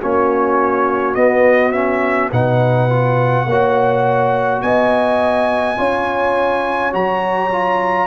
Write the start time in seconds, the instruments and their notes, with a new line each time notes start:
0.00 tuba A#3, trombone C#4, horn F#4, trumpet C#5
1.15 trombone B3, tuba B3, trumpet D#5
1.72 trombone C#4, trumpet E5
2.32 tuba B2, trombone D#4, horn B4, trumpet F#5
2.89 trombone F4
3.45 tuba A#3, trombone F#4, horn C#5
4.62 tuba B3, horn D#5, trumpet G#5
5.77 tuba C#4, trombone F4, horn C#5
6.92 tuba F#3, trombone F#4, trumpet A#5
7.52 trombone F4